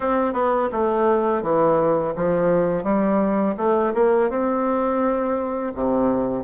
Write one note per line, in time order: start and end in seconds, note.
0.00 0.33 C4
0.33 0.69 B3
0.71 1.42 A3
1.42 2.13 E3
2.15 2.83 F3
2.83 3.55 G3
3.57 3.93 A3
3.94 4.30 A#3
4.30 5.72 C4
5.74 6.44 C3